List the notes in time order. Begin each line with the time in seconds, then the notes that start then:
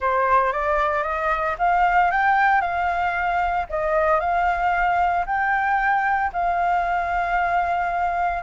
0.00 C5
0.52 D5
1.03 D#5
1.58 F5
2.11 G5
2.61 F5
3.69 D#5
4.20 F5
5.26 G5
6.33 F5